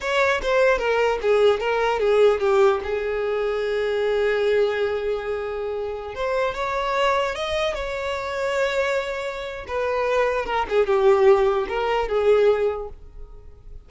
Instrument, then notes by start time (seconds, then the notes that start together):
violin
0.01 C#5
0.42 C5
0.78 A#4
1.21 G#4
1.60 A#4
1.99 G#4
2.40 G4
2.83 G#4
6.14 C5
6.54 C#5
7.35 D#5
7.74 C#5
9.67 B4
10.45 A#4
10.69 G#4
10.86 G4
11.68 A#4
12.08 G#4